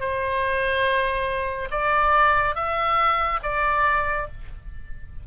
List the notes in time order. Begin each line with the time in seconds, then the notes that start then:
0.00 C5
1.71 D5
2.55 E5
3.43 D5